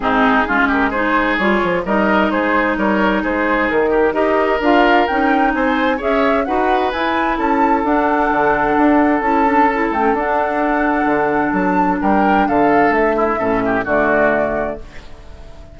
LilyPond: <<
  \new Staff \with { instrumentName = "flute" } { \time 4/4 \tempo 4 = 130 gis'4. ais'8 c''4 cis''4 | dis''4 c''4 cis''4 c''4 | ais'4 dis''4 f''4 g''4 | gis''4 e''4 fis''4 gis''4 |
a''4 fis''2. | a''4. g''8 fis''2~ | fis''4 a''4 g''4 f''4 | e''2 d''2 | }
  \new Staff \with { instrumentName = "oboe" } { \time 4/4 dis'4 f'8 g'8 gis'2 | ais'4 gis'4 ais'4 gis'4~ | gis'8 g'8 ais'2. | c''4 cis''4 b'2 |
a'1~ | a'1~ | a'2 ais'4 a'4~ | a'8 e'8 a'8 g'8 fis'2 | }
  \new Staff \with { instrumentName = "clarinet" } { \time 4/4 c'4 cis'4 dis'4 f'4 | dis'1~ | dis'4 g'4 f'4 dis'4~ | dis'4 gis'4 fis'4 e'4~ |
e'4 d'2. | e'8 d'8 e'8 cis'8 d'2~ | d'1~ | d'4 cis'4 a2 | }
  \new Staff \with { instrumentName = "bassoon" } { \time 4/4 gis,4 gis2 g8 f8 | g4 gis4 g4 gis4 | dis4 dis'4 d'4 cis'4 | c'4 cis'4 dis'4 e'4 |
cis'4 d'4 d4 d'4 | cis'4. a8 d'2 | d4 fis4 g4 d4 | a4 a,4 d2 | }
>>